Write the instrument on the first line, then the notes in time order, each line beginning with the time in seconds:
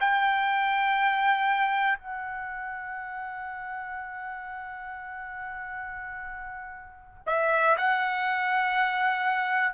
trumpet
0.00 G5
1.99 F#5
7.27 E5
7.78 F#5